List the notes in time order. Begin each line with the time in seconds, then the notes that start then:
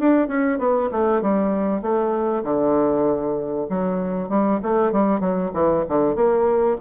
0.00 D4
0.28 C#4
0.59 B3
0.92 A3
1.22 G3
1.82 A3
2.44 D3
3.70 F#3
4.30 G3
4.63 A3
4.93 G3
5.20 F#3
5.54 E3
5.89 D3
6.16 A#3